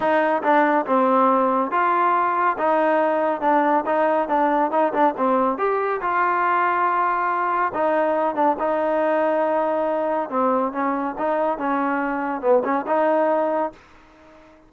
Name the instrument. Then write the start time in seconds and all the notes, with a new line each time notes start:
trombone
0.00 D#4
0.42 D4
0.86 C4
1.71 F4
2.58 D#4
3.41 D4
3.86 D#4
4.28 D4
4.71 D#4
4.93 D4
5.17 C4
5.58 G4
6.01 F4
7.74 D#4
8.35 D4
8.59 D#4
10.29 C4
10.72 C#4
11.18 D#4
11.58 C#4
12.41 B3
12.64 C#4
12.86 D#4